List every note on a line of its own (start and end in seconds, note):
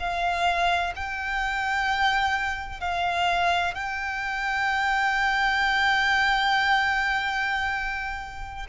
0.00 0.94 F5
0.96 2.81 G5
2.81 3.75 F5
3.75 8.67 G5